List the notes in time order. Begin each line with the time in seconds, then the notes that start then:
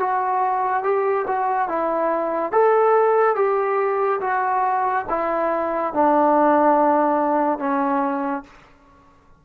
0.00 F#4
0.84 G4
1.28 F#4
1.69 E4
2.52 A4
3.36 G4
4.21 F#4
5.09 E4
5.94 D4
7.59 C#4